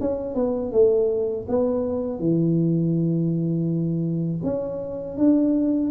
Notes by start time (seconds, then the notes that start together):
0.00 C#4
0.35 B3
0.72 A3
1.48 B3
2.19 E3
4.43 C#4
5.17 D4